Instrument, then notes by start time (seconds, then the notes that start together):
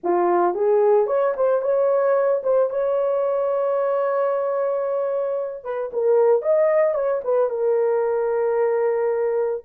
horn
0.03 F4
0.54 G#4
1.06 C#5
1.36 C5
1.61 C#5
2.43 C5
2.70 C#5
5.64 B4
5.92 A#4
6.41 D#5
6.94 C#5
7.23 B4
7.49 A#4